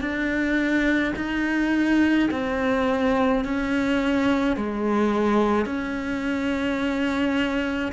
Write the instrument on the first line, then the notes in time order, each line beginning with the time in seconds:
cello
0.00 D4
1.15 D#4
2.31 C4
3.44 C#4
4.56 G#3
5.65 C#4